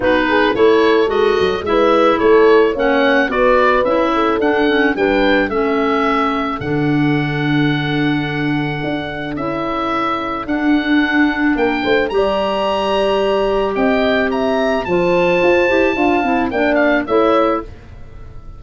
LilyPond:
<<
  \new Staff \with { instrumentName = "oboe" } { \time 4/4 \tempo 4 = 109 b'4 cis''4 dis''4 e''4 | cis''4 fis''4 d''4 e''4 | fis''4 g''4 e''2 | fis''1~ |
fis''4 e''2 fis''4~ | fis''4 g''4 ais''2~ | ais''4 g''4 ais''4 a''4~ | a''2 g''8 f''8 e''4 | }
  \new Staff \with { instrumentName = "horn" } { \time 4/4 fis'8 gis'8 a'2 b'4 | a'4 cis''4 b'4. a'8~ | a'4 b'4 a'2~ | a'1~ |
a'1~ | a'4 ais'8 c''8 d''2~ | d''4 dis''4 e''4 c''4~ | c''4 f''4 d''4 cis''4 | }
  \new Staff \with { instrumentName = "clarinet" } { \time 4/4 dis'4 e'4 fis'4 e'4~ | e'4 cis'4 fis'4 e'4 | d'8 cis'8 d'4 cis'2 | d'1~ |
d'4 e'2 d'4~ | d'2 g'2~ | g'2. f'4~ | f'8 g'8 f'8 e'8 d'4 e'4 | }
  \new Staff \with { instrumentName = "tuba" } { \time 4/4 b4 a4 gis8 fis8 gis4 | a4 ais4 b4 cis'4 | d'4 g4 a2 | d1 |
d'4 cis'2 d'4~ | d'4 ais8 a8 g2~ | g4 c'2 f4 | f'8 e'8 d'8 c'8 ais4 a4 | }
>>